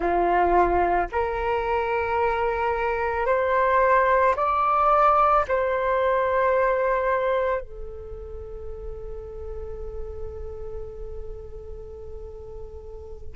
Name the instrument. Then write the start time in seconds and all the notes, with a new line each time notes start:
flute
0.00 F4
1.12 A#4
3.25 C5
4.36 D5
5.47 C5
7.60 A4